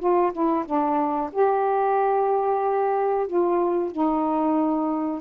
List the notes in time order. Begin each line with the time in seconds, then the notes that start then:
0.00 F4
0.33 E4
0.66 D4
1.33 G4
3.28 F4
3.92 D#4